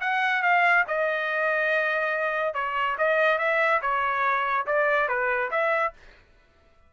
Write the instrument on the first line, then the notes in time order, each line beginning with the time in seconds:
trumpet
0.00 F#5
0.42 F5
0.87 D#5
2.54 C#5
2.98 D#5
3.38 E5
3.81 C#5
4.66 D5
5.08 B4
5.50 E5